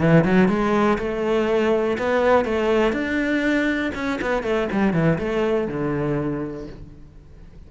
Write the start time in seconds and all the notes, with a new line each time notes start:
0.00 E3
0.25 F#3
0.48 G#3
0.98 A3
1.98 B3
2.45 A3
2.93 D4
3.95 C#4
4.21 B3
4.43 A3
4.72 G3
4.94 E3
5.19 A3
5.68 D3